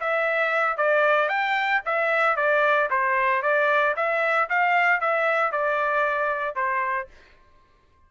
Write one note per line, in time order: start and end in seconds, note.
0.00 0.77 E5
0.77 1.28 D5
1.28 1.81 G5
1.85 2.36 E5
2.36 2.89 D5
2.90 3.42 C5
3.42 3.95 D5
3.96 4.49 E5
4.49 5.00 F5
5.00 5.51 E5
5.51 6.55 D5
6.55 7.08 C5